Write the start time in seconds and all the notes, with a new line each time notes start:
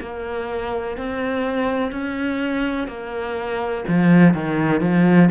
0.00 A#3
0.97 C4
1.91 C#4
2.88 A#3
3.88 F3
4.34 D#3
4.80 F3